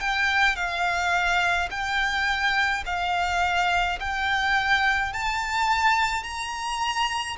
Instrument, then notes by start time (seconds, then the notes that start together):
violin
0.00 G5
0.56 F5
1.70 G5
2.86 F5
4.00 G5
5.13 A5
6.23 A#5